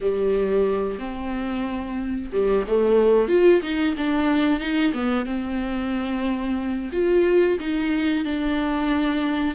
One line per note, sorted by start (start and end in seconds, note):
0.00 0.99 G3
0.99 2.30 C4
2.32 2.65 G3
2.67 3.28 A3
3.28 3.61 F4
3.62 3.95 D#4
3.97 4.60 D4
4.60 4.93 D#4
4.93 5.25 B3
5.25 6.90 C4
6.92 7.58 F4
7.59 8.24 D#4
8.24 9.54 D4